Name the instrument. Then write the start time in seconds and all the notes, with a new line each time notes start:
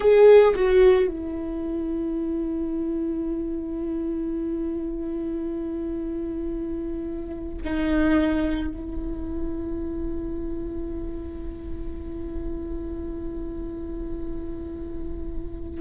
viola
0.00 G#4
0.55 F#4
1.07 E4
7.64 D#4
8.71 E4